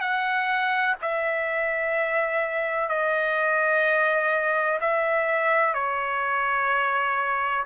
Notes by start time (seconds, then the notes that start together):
0.00 F#5
1.01 E5
2.88 D#5
4.81 E5
5.74 C#5